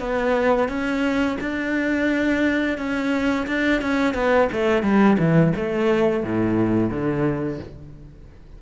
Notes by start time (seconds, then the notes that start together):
0.00 B3
0.69 C#4
1.41 D4
2.78 C#4
3.47 D4
3.82 C#4
4.14 B3
4.52 A3
4.83 G3
5.19 E3
5.56 A3
6.24 A2
6.90 D3